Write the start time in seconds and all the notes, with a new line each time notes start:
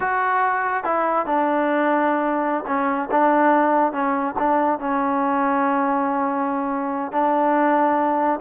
0.00 F#4
0.83 E4
1.26 D4
2.66 C#4
3.11 D4
3.92 C#4
4.38 D4
4.79 C#4
7.12 D4